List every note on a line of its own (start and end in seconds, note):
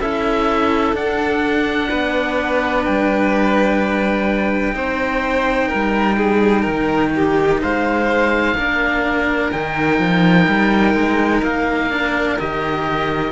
0.00 0.93 C#4
0.00 0.96 E4
0.00 1.89 A4
0.00 0.95 E5
0.93 1.88 D4
0.93 4.72 D4
0.93 2.85 F#5
1.89 2.86 B3
1.89 4.75 B4
2.85 4.75 G3
2.85 7.61 G5
4.72 5.70 C4
4.72 8.53 D#4
4.72 5.68 C5
5.68 6.67 G3
5.68 6.16 A#4
6.17 6.62 G#4
6.62 7.62 D#3
6.62 7.10 A#4
7.15 7.61 G4
7.61 8.55 G#3
7.61 8.57 C5
7.61 9.52 F5
8.55 9.50 A#3
8.55 9.53 D4
8.55 13.32 A#4
9.52 9.99 D#3
9.52 11.90 D#4
9.52 11.42 G5
9.99 10.47 F3
10.48 10.94 G3
10.94 11.42 G#3
11.43 12.38 A#3
11.43 12.39 F5
11.90 12.38 D4
12.38 13.32 D#3
12.38 13.32 G4
12.38 13.32 D#5